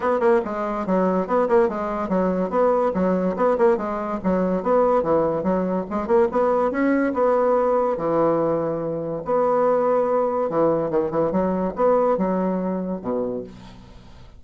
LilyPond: \new Staff \with { instrumentName = "bassoon" } { \time 4/4 \tempo 4 = 143 b8 ais8 gis4 fis4 b8 ais8 | gis4 fis4 b4 fis4 | b8 ais8 gis4 fis4 b4 | e4 fis4 gis8 ais8 b4 |
cis'4 b2 e4~ | e2 b2~ | b4 e4 dis8 e8 fis4 | b4 fis2 b,4 | }